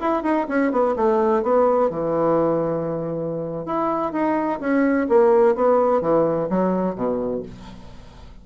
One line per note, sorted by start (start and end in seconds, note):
0.00 0.23 E4
0.23 0.47 D#4
0.49 0.72 C#4
0.72 0.95 B3
0.96 1.43 A3
1.43 1.90 B3
1.90 3.66 E3
3.66 4.13 E4
4.13 4.60 D#4
4.60 5.07 C#4
5.09 5.55 A#3
5.55 6.01 B3
6.01 6.49 E3
6.50 6.95 F#3
6.95 7.43 B2